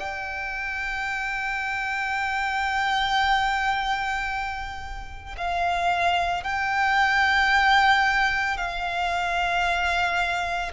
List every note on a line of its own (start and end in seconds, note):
0.00 5.36 G5
5.37 6.44 F5
6.44 8.58 G5
8.58 10.72 F5